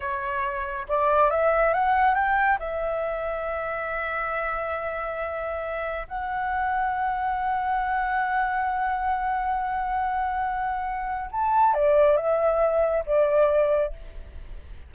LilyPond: \new Staff \with { instrumentName = "flute" } { \time 4/4 \tempo 4 = 138 cis''2 d''4 e''4 | fis''4 g''4 e''2~ | e''1~ | e''2 fis''2~ |
fis''1~ | fis''1~ | fis''2 a''4 d''4 | e''2 d''2 | }